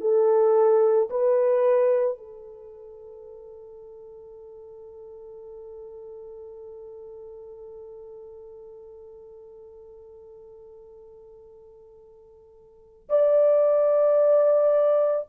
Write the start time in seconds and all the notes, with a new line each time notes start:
0.00 A4
1.10 B4
2.18 A4
13.09 D5